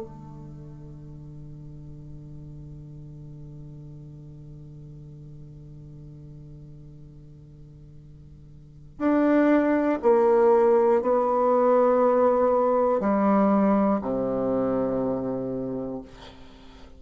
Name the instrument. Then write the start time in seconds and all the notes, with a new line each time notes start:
bassoon
0.00 D3
8.99 D4
10.03 A#3
11.02 B3
13.01 G3
14.02 C3